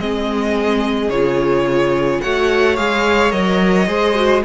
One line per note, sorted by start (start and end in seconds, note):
0.00 1.09 G#3
0.00 1.12 C4
0.00 2.23 G#4
0.00 1.10 D#5
1.09 2.20 C#3
1.09 2.24 F4
1.09 2.22 C#5
2.22 2.78 A3
2.22 2.77 F#4
2.22 3.88 C#5
2.22 2.77 F#5
2.77 3.33 G#3
2.77 3.31 G#4
2.77 3.32 F5
3.31 3.88 F#3
3.31 3.87 A#4
3.31 4.43 D#5
3.88 4.44 G#3
3.88 4.15 G#4
3.88 4.44 C5
4.16 4.43 F#4